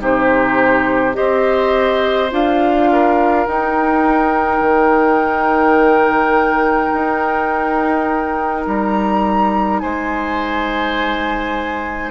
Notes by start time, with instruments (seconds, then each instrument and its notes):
0.00 bassoon C3, clarinet D#4, oboe G4, flute C5
1.13 bassoon C4, clarinet G4, oboe C5, flute D#5
2.31 bassoon D4, clarinet F4, flute F5
2.92 oboe A#4
3.46 bassoon D#4, clarinet D#4, flute G5
4.61 bassoon D#3
6.93 bassoon D#4
8.67 bassoon G3, flute A#5
9.80 bassoon G#3, oboe C5, flute G#5